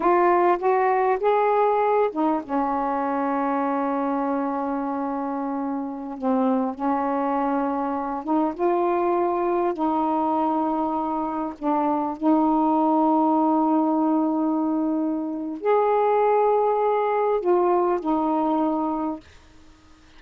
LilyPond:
\new Staff \with { instrumentName = "saxophone" } { \time 4/4 \tempo 4 = 100 f'4 fis'4 gis'4. dis'8 | cis'1~ | cis'2~ cis'16 c'4 cis'8.~ | cis'4.~ cis'16 dis'8 f'4.~ f'16~ |
f'16 dis'2. d'8.~ | d'16 dis'2.~ dis'8.~ | dis'2 gis'2~ | gis'4 f'4 dis'2 | }